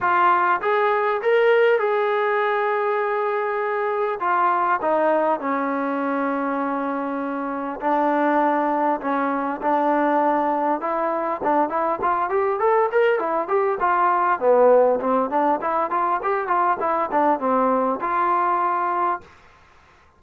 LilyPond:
\new Staff \with { instrumentName = "trombone" } { \time 4/4 \tempo 4 = 100 f'4 gis'4 ais'4 gis'4~ | gis'2. f'4 | dis'4 cis'2.~ | cis'4 d'2 cis'4 |
d'2 e'4 d'8 e'8 | f'8 g'8 a'8 ais'8 e'8 g'8 f'4 | b4 c'8 d'8 e'8 f'8 g'8 f'8 | e'8 d'8 c'4 f'2 | }